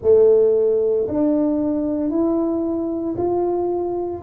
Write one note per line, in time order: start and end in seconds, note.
0.02 1.07 A3
1.08 2.10 D4
2.10 3.15 E4
3.17 4.22 F4